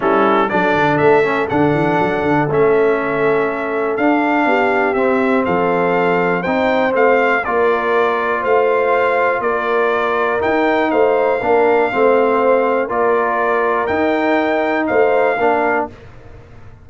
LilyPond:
<<
  \new Staff \with { instrumentName = "trumpet" } { \time 4/4 \tempo 4 = 121 a'4 d''4 e''4 fis''4~ | fis''4 e''2. | f''2 e''4 f''4~ | f''4 g''4 f''4 d''4~ |
d''4 f''2 d''4~ | d''4 g''4 f''2~ | f''2 d''2 | g''2 f''2 | }
  \new Staff \with { instrumentName = "horn" } { \time 4/4 e'4 a'2.~ | a'1~ | a'4 g'2 a'4~ | a'4 c''2 ais'4~ |
ais'4 c''2 ais'4~ | ais'2 c''4 ais'4 | c''2 ais'2~ | ais'2 c''4 ais'4 | }
  \new Staff \with { instrumentName = "trombone" } { \time 4/4 cis'4 d'4. cis'8 d'4~ | d'4 cis'2. | d'2 c'2~ | c'4 dis'4 c'4 f'4~ |
f'1~ | f'4 dis'2 d'4 | c'2 f'2 | dis'2. d'4 | }
  \new Staff \with { instrumentName = "tuba" } { \time 4/4 g4 fis8 d8 a4 d8 e8 | fis8 d8 a2. | d'4 b4 c'4 f4~ | f4 c'4 a4 ais4~ |
ais4 a2 ais4~ | ais4 dis'4 a4 ais4 | a2 ais2 | dis'2 a4 ais4 | }
>>